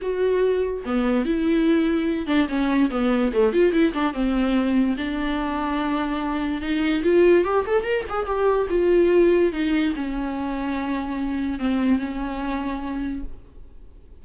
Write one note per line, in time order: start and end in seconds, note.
0.01 0.84 F#4
0.85 1.25 B3
1.25 2.27 E4
2.27 2.47 D4
2.48 2.90 C#4
2.90 3.32 B3
3.32 3.52 A3
3.52 3.72 F4
3.72 3.93 E4
3.93 4.13 D4
4.13 4.96 C4
4.97 6.61 D4
6.61 7.03 D#4
7.03 7.44 F4
7.44 7.65 G4
7.66 7.83 A4
7.83 8.04 A#4
8.09 8.26 G#4
8.26 8.67 G4
8.69 9.52 F4
9.52 9.93 D#4
9.95 11.59 C#4
11.59 11.98 C4
11.98 13.22 C#4